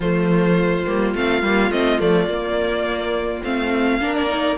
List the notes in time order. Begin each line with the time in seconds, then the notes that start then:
0.00 F3 A3 F4 C5
0.86 G3 A#3
1.14 A3 C4 F5
1.41 G3 A#3
1.69 A3 C4 D#5
1.99 F3 A3 D5
2.26 A#3
3.43 A3 C4 F5
3.99 A#3 D4 A#4
4.15 D5
4.28 D#4